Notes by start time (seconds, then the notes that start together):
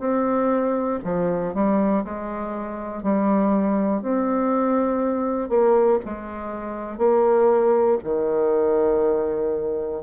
0.00 C4
1.05 F3
1.54 G3
2.05 G#3
3.03 G3
4.02 C4
5.50 A#3
6.05 G#3
6.98 A#3
8.04 D#3